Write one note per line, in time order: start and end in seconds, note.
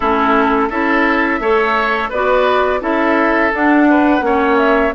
0.00 0.69 A3
0.00 0.70 C#4
0.00 0.68 E4
0.00 0.70 A4
0.69 1.39 C#4
0.69 1.41 E4
0.69 1.39 A4
0.69 2.11 E5
1.39 2.10 A3
1.39 2.12 A4
1.39 2.09 C#5
2.09 2.81 B3
2.09 2.80 F#4
2.09 2.80 B4
2.09 2.82 D5
2.80 3.52 C#4
2.80 3.50 E4
2.80 3.88 A4
2.80 3.53 E5
3.53 4.21 D4
3.53 4.57 F#5
3.89 4.25 B4
4.21 4.91 A#3
4.21 4.92 C#4
4.21 4.94 C#5
4.57 4.93 E5